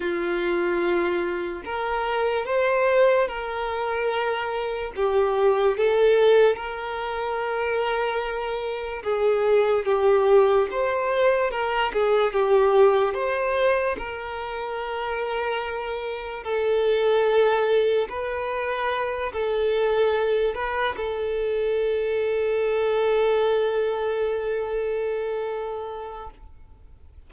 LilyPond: \new Staff \with { instrumentName = "violin" } { \time 4/4 \tempo 4 = 73 f'2 ais'4 c''4 | ais'2 g'4 a'4 | ais'2. gis'4 | g'4 c''4 ais'8 gis'8 g'4 |
c''4 ais'2. | a'2 b'4. a'8~ | a'4 b'8 a'2~ a'8~ | a'1 | }